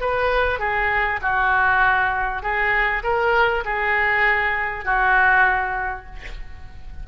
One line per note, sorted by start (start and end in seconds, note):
0.00 0.59 B4
0.59 1.20 G#4
1.21 2.42 F#4
2.42 3.02 G#4
3.03 3.64 A#4
3.64 4.85 G#4
4.85 6.06 F#4